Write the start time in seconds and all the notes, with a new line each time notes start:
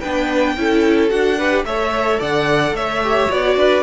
0.00 B3 D4 B4 G5
0.57 C#4 E4 A4
1.09 D4 F#4 F#5
1.37 G4 B4
1.64 A3 A4 C#5 E5
2.20 D3 D5 F#5
2.72 A3 C#5 E5
3.04 G4
3.29 B3 F#4 D5
3.56 D4 B4